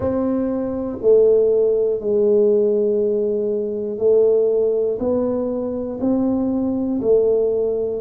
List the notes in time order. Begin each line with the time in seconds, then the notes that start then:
0.00 C4
1.01 A3
2.00 G#3
3.98 A3
4.99 B3
6.00 C4
7.01 A3